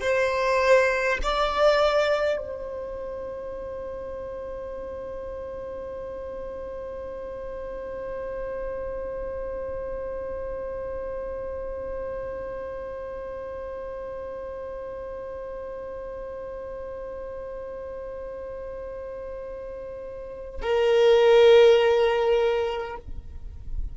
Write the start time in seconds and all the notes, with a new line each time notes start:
0.00 C5
1.22 D5
2.37 C5
20.61 A#4